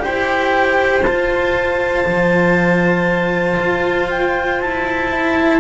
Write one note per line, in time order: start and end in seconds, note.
0.00 1.04 E4
0.00 1.02 G4
0.00 5.61 C5
0.00 1.03 G5
1.03 2.06 F4
1.03 5.12 F4
1.03 4.08 A5
2.06 3.58 F3
3.61 4.61 F4
4.10 4.61 G5
4.61 5.61 E4
4.61 5.61 A5
5.12 5.61 E4